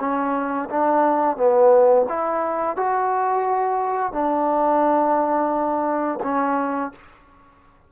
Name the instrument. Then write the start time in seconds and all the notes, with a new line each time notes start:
trombone
0.00 C#4
0.70 D4
1.37 B3
2.09 E4
2.77 F#4
4.13 D4
6.24 C#4